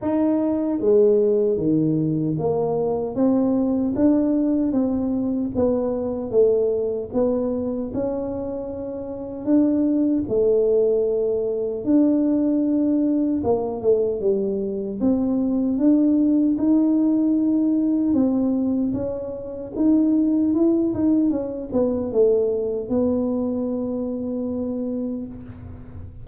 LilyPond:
\new Staff \with { instrumentName = "tuba" } { \time 4/4 \tempo 4 = 76 dis'4 gis4 dis4 ais4 | c'4 d'4 c'4 b4 | a4 b4 cis'2 | d'4 a2 d'4~ |
d'4 ais8 a8 g4 c'4 | d'4 dis'2 c'4 | cis'4 dis'4 e'8 dis'8 cis'8 b8 | a4 b2. | }